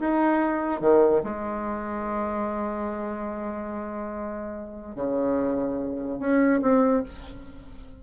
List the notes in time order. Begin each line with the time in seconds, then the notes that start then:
0.00 D#4
0.81 D#3
1.23 G#3
4.96 C#3
6.19 C#4
6.62 C4